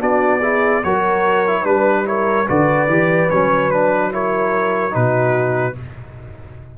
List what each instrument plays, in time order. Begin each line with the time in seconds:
0.00 tuba B3, trombone D4, horn F#4, trumpet D5
0.42 trombone E4, horn G#4
0.84 tuba F#3, trombone F#4, horn A#4, trumpet C#5
1.47 trombone E4
1.62 tuba G3, trombone D4, horn B4, trumpet B4
2.05 trombone E4, horn A#4, trumpet C#5
2.48 tuba D3, trombone F#4, horn B4, trumpet D5
2.88 tuba E3, trombone G4
3.30 tuba F#3, trombone C#4, trumpet C#5
3.71 trombone D4, trumpet B4
4.12 trombone E4, horn A#4, trumpet C#5
4.91 tuba B2, trombone D#4, horn F#4, trumpet B4